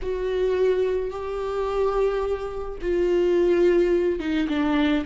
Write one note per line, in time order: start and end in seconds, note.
0.02 1.10 F#4
1.10 2.78 G4
2.81 4.19 F4
4.19 4.47 D#4
4.48 5.04 D4